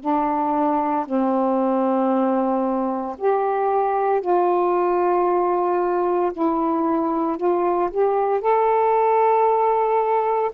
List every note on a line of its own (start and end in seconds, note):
0.00 1.05 D4
1.05 3.16 C4
3.18 4.21 G4
4.21 6.32 F4
6.33 7.37 E4
7.37 7.89 F4
7.90 8.41 G4
8.41 10.51 A4